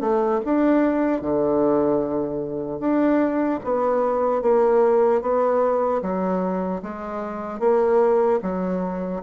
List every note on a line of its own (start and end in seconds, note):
0.00 0.40 A3
0.45 1.21 D4
1.21 2.80 D3
2.80 3.60 D4
3.64 4.42 B3
4.42 5.21 A#3
5.21 6.01 B3
6.02 6.82 F#3
6.82 7.59 G#3
7.59 8.39 A#3
8.42 9.22 F#3